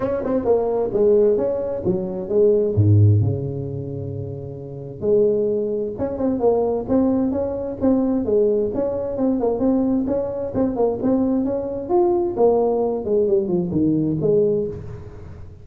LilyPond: \new Staff \with { instrumentName = "tuba" } { \time 4/4 \tempo 4 = 131 cis'8 c'8 ais4 gis4 cis'4 | fis4 gis4 gis,4 cis4~ | cis2. gis4~ | gis4 cis'8 c'8 ais4 c'4 |
cis'4 c'4 gis4 cis'4 | c'8 ais8 c'4 cis'4 c'8 ais8 | c'4 cis'4 f'4 ais4~ | ais8 gis8 g8 f8 dis4 gis4 | }